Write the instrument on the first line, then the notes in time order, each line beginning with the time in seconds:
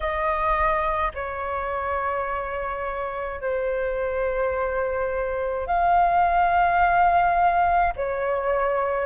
flute
0.00 D#5
1.14 C#5
3.41 C5
5.66 F5
7.96 C#5